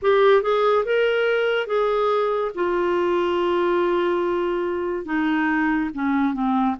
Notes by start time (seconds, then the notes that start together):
0.02 G4
0.42 G#4
0.85 A#4
1.67 G#4
2.55 F4
5.05 D#4
5.94 C#4
6.33 C4